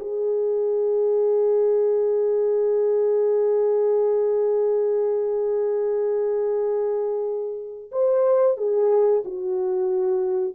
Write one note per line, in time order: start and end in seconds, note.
0.00 7.91 G#4
7.92 8.57 C5
8.57 9.23 G#4
9.25 10.55 F#4